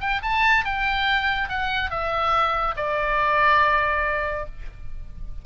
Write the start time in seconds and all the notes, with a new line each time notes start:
0.00 G5
0.22 A5
0.65 G5
1.49 F#5
1.90 E5
2.76 D5